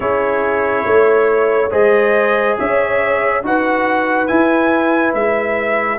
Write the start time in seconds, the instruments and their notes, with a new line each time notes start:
0.00 tuba C#4, trombone E4, horn G#4, trumpet C#5
0.85 tuba A3, horn C#5
1.71 tuba G#3, trombone G#4, horn C5, trumpet D#5
2.58 tuba C#4, horn C#5, trumpet E5
3.43 tuba D#4, trombone F#4, horn B4, trumpet F#5
4.27 trombone E4, tuba E4, trumpet G#5
5.14 tuba G#3, trumpet E5